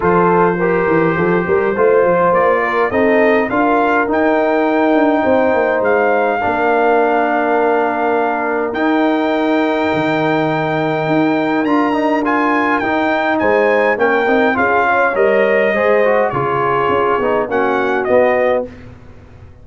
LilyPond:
<<
  \new Staff \with { instrumentName = "trumpet" } { \time 4/4 \tempo 4 = 103 c''1 | d''4 dis''4 f''4 g''4~ | g''2 f''2~ | f''2. g''4~ |
g''1 | ais''4 gis''4 g''4 gis''4 | g''4 f''4 dis''2 | cis''2 fis''4 dis''4 | }
  \new Staff \with { instrumentName = "horn" } { \time 4/4 a'4 ais'4 a'8 ais'8 c''4~ | c''8 ais'8 a'4 ais'2~ | ais'4 c''2 ais'4~ | ais'1~ |
ais'1~ | ais'2. c''4 | ais'4 gis'8 cis''4. c''4 | gis'2 fis'2 | }
  \new Staff \with { instrumentName = "trombone" } { \time 4/4 f'4 g'2 f'4~ | f'4 dis'4 f'4 dis'4~ | dis'2. d'4~ | d'2. dis'4~ |
dis'1 | f'8 dis'8 f'4 dis'2 | cis'8 dis'8 f'4 ais'4 gis'8 fis'8 | f'4. dis'8 cis'4 b4 | }
  \new Staff \with { instrumentName = "tuba" } { \time 4/4 f4. e8 f8 g8 a8 f8 | ais4 c'4 d'4 dis'4~ | dis'8 d'8 c'8 ais8 gis4 ais4~ | ais2. dis'4~ |
dis'4 dis2 dis'4 | d'2 dis'4 gis4 | ais8 c'8 cis'4 g4 gis4 | cis4 cis'8 b8 ais4 b4 | }
>>